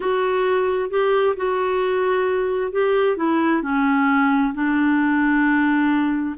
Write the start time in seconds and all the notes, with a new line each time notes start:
0.00 F#4
0.90 G4
1.36 F#4
2.71 G4
3.17 E4
3.62 C#4
4.53 D4